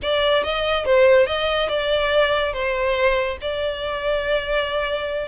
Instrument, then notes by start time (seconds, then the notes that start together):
violin
0.02 D5
0.43 D#5
0.85 C5
1.26 D#5
1.68 D5
2.53 C5
3.41 D5